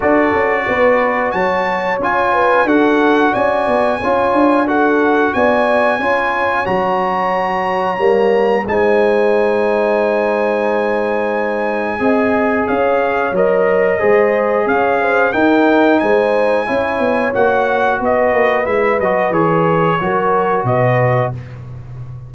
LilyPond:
<<
  \new Staff \with { instrumentName = "trumpet" } { \time 4/4 \tempo 4 = 90 d''2 a''4 gis''4 | fis''4 gis''2 fis''4 | gis''2 ais''2~ | ais''4 gis''2.~ |
gis''2. f''4 | dis''2 f''4 g''4 | gis''2 fis''4 dis''4 | e''8 dis''8 cis''2 dis''4 | }
  \new Staff \with { instrumentName = "horn" } { \time 4/4 a'4 b'4 cis''4. b'8 | a'4 d''4 cis''4 a'4 | d''4 cis''2.~ | cis''4 c''2.~ |
c''2 dis''4 cis''4~ | cis''4 c''4 cis''8 c''8 ais'4 | c''4 cis''2 b'4~ | b'2 ais'4 b'4 | }
  \new Staff \with { instrumentName = "trombone" } { \time 4/4 fis'2. f'4 | fis'2 f'4 fis'4~ | fis'4 f'4 fis'2 | ais4 dis'2.~ |
dis'2 gis'2 | ais'4 gis'2 dis'4~ | dis'4 e'4 fis'2 | e'8 fis'8 gis'4 fis'2 | }
  \new Staff \with { instrumentName = "tuba" } { \time 4/4 d'8 cis'8 b4 fis4 cis'4 | d'4 cis'8 b8 cis'8 d'4. | b4 cis'4 fis2 | g4 gis2.~ |
gis2 c'4 cis'4 | fis4 gis4 cis'4 dis'4 | gis4 cis'8 b8 ais4 b8 ais8 | gis8 fis8 e4 fis4 b,4 | }
>>